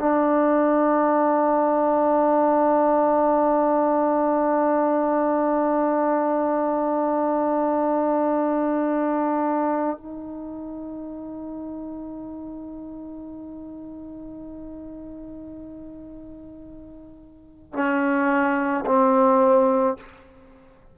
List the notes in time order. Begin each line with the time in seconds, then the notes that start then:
0.00 D4
9.98 D#4
17.74 C#4
18.86 C4